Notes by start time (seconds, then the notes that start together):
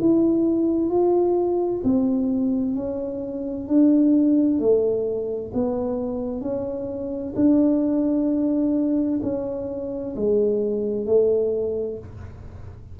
0.00 E4
0.90 F4
1.83 C4
2.75 C#4
3.68 D4
4.59 A3
5.53 B3
6.41 C#4
7.36 D4
9.23 C#4
10.16 G#3
11.06 A3